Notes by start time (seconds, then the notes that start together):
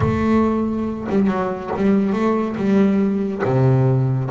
0.00 A3
1.09 G3
1.27 F#3
1.76 G3
2.13 A3
2.56 G3
3.44 C3